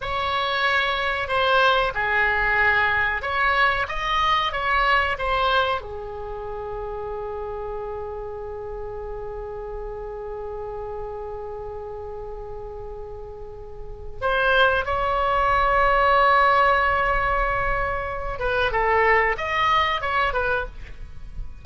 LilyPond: \new Staff \with { instrumentName = "oboe" } { \time 4/4 \tempo 4 = 93 cis''2 c''4 gis'4~ | gis'4 cis''4 dis''4 cis''4 | c''4 gis'2.~ | gis'1~ |
gis'1~ | gis'2 c''4 cis''4~ | cis''1~ | cis''8 b'8 a'4 dis''4 cis''8 b'8 | }